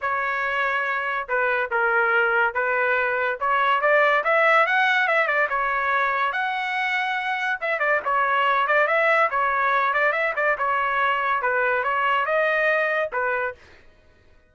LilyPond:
\new Staff \with { instrumentName = "trumpet" } { \time 4/4 \tempo 4 = 142 cis''2. b'4 | ais'2 b'2 | cis''4 d''4 e''4 fis''4 | e''8 d''8 cis''2 fis''4~ |
fis''2 e''8 d''8 cis''4~ | cis''8 d''8 e''4 cis''4. d''8 | e''8 d''8 cis''2 b'4 | cis''4 dis''2 b'4 | }